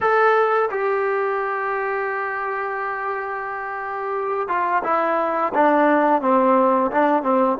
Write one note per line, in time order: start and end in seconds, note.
0.00 0.69 A4
0.71 4.48 G4
4.48 4.82 F4
4.83 5.52 E4
5.54 6.21 D4
6.21 6.90 C4
6.91 7.23 D4
7.23 7.57 C4